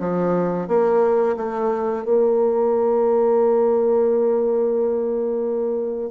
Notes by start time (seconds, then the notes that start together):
0.00 F3
0.68 A#3
1.37 A3
2.05 A#3